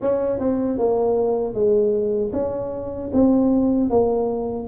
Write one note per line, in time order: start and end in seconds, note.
0.01 0.39 C#4
0.39 0.78 C4
0.78 1.53 A#3
1.53 2.31 G#3
2.32 3.10 C#4
3.13 3.90 C4
3.90 4.68 A#3